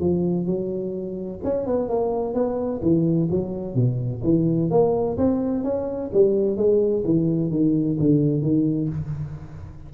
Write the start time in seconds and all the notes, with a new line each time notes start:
0.00 F3
0.46 F#3
1.44 C#4
1.66 B3
1.89 A#3
2.34 B3
2.82 E3
3.31 F#3
3.75 B2
4.23 E3
4.70 A#3
5.18 C4
5.64 C#4
6.13 G3
6.57 G#3
7.05 E3
7.51 D#3
7.99 D3
8.42 D#3